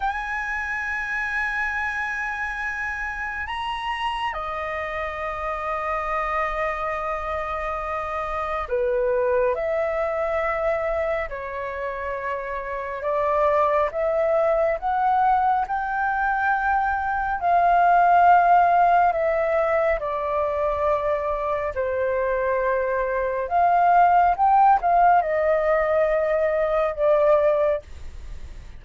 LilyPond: \new Staff \with { instrumentName = "flute" } { \time 4/4 \tempo 4 = 69 gis''1 | ais''4 dis''2.~ | dis''2 b'4 e''4~ | e''4 cis''2 d''4 |
e''4 fis''4 g''2 | f''2 e''4 d''4~ | d''4 c''2 f''4 | g''8 f''8 dis''2 d''4 | }